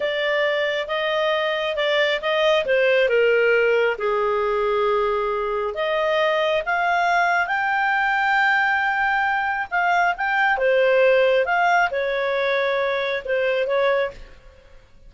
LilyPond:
\new Staff \with { instrumentName = "clarinet" } { \time 4/4 \tempo 4 = 136 d''2 dis''2 | d''4 dis''4 c''4 ais'4~ | ais'4 gis'2.~ | gis'4 dis''2 f''4~ |
f''4 g''2.~ | g''2 f''4 g''4 | c''2 f''4 cis''4~ | cis''2 c''4 cis''4 | }